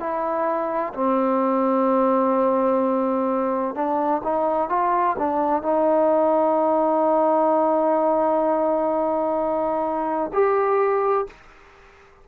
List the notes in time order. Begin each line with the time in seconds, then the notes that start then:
0.00 E4
0.94 C4
3.75 D4
4.24 D#4
4.70 F4
5.19 D4
5.62 D#4
10.33 G4